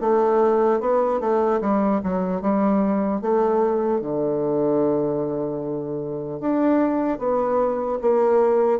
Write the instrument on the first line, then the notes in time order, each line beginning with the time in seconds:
bassoon
0.00 A3
0.80 B3
1.20 A3
1.61 G3
2.03 F#3
2.41 G3
3.21 A3
4.01 D3
6.40 D4
7.18 B3
8.01 A#3